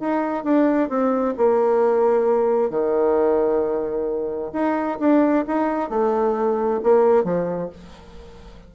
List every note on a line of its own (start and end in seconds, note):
0.00 0.44 D#4
0.44 0.89 D4
0.89 1.35 C4
1.37 2.70 A#3
2.70 4.52 D#3
4.53 4.98 D#4
4.99 5.45 D4
5.47 5.89 D#4
5.89 6.80 A3
6.83 7.24 A#3
7.24 7.70 F3